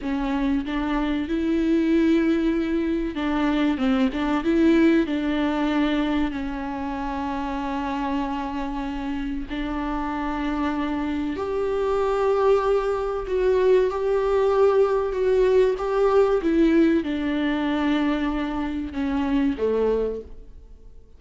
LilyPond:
\new Staff \with { instrumentName = "viola" } { \time 4/4 \tempo 4 = 95 cis'4 d'4 e'2~ | e'4 d'4 c'8 d'8 e'4 | d'2 cis'2~ | cis'2. d'4~ |
d'2 g'2~ | g'4 fis'4 g'2 | fis'4 g'4 e'4 d'4~ | d'2 cis'4 a4 | }